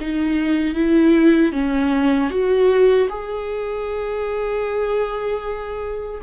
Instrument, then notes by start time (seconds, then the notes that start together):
viola
0.00 D#4
0.74 E4
1.52 C#4
2.30 F#4
3.09 G#4